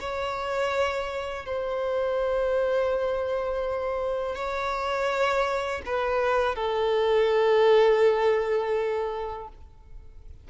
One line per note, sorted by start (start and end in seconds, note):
0.00 1.45 C#5
1.45 4.35 C5
4.35 5.81 C#5
5.85 6.55 B4
6.55 9.48 A4